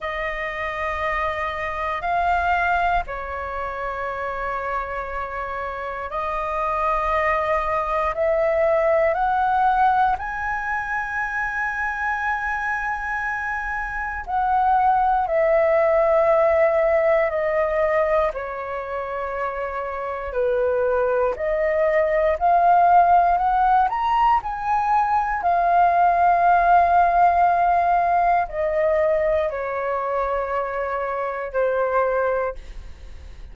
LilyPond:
\new Staff \with { instrumentName = "flute" } { \time 4/4 \tempo 4 = 59 dis''2 f''4 cis''4~ | cis''2 dis''2 | e''4 fis''4 gis''2~ | gis''2 fis''4 e''4~ |
e''4 dis''4 cis''2 | b'4 dis''4 f''4 fis''8 ais''8 | gis''4 f''2. | dis''4 cis''2 c''4 | }